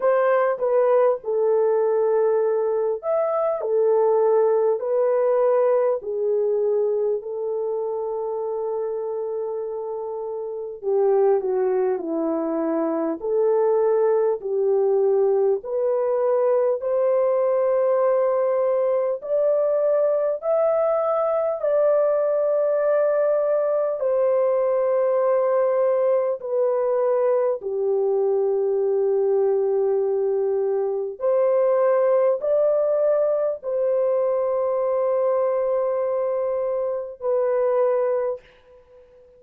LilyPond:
\new Staff \with { instrumentName = "horn" } { \time 4/4 \tempo 4 = 50 c''8 b'8 a'4. e''8 a'4 | b'4 gis'4 a'2~ | a'4 g'8 fis'8 e'4 a'4 | g'4 b'4 c''2 |
d''4 e''4 d''2 | c''2 b'4 g'4~ | g'2 c''4 d''4 | c''2. b'4 | }